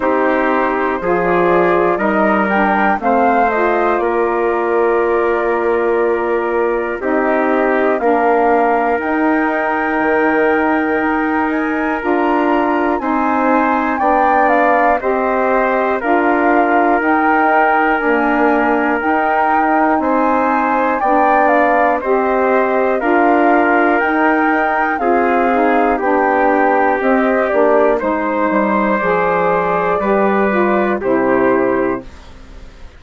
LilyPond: <<
  \new Staff \with { instrumentName = "flute" } { \time 4/4 \tempo 4 = 60 c''4~ c''16 d''8. dis''8 g''8 f''8 dis''8 | d''2. dis''4 | f''4 g''2~ g''8 gis''8 | ais''4 gis''4 g''8 f''8 dis''4 |
f''4 g''4 gis''4 g''4 | gis''4 g''8 f''8 dis''4 f''4 | g''4 f''4 g''4 dis''8 d''8 | c''4 d''2 c''4 | }
  \new Staff \with { instrumentName = "trumpet" } { \time 4/4 g'4 gis'4 ais'4 c''4 | ais'2. g'4 | ais'1~ | ais'4 c''4 d''4 c''4 |
ais'1 | c''4 d''4 c''4 ais'4~ | ais'4 gis'4 g'2 | c''2 b'4 g'4 | }
  \new Staff \with { instrumentName = "saxophone" } { \time 4/4 dis'4 f'4 dis'8 d'8 c'8 f'8~ | f'2. dis'4 | d'4 dis'2. | f'4 dis'4 d'4 g'4 |
f'4 dis'4 ais4 dis'4~ | dis'4 d'4 g'4 f'4 | dis'4 f'8 dis'8 d'4 c'8 d'8 | dis'4 gis'4 g'8 f'8 e'4 | }
  \new Staff \with { instrumentName = "bassoon" } { \time 4/4 c'4 f4 g4 a4 | ais2. c'4 | ais4 dis'4 dis4 dis'4 | d'4 c'4 b4 c'4 |
d'4 dis'4 d'4 dis'4 | c'4 b4 c'4 d'4 | dis'4 c'4 b4 c'8 ais8 | gis8 g8 f4 g4 c4 | }
>>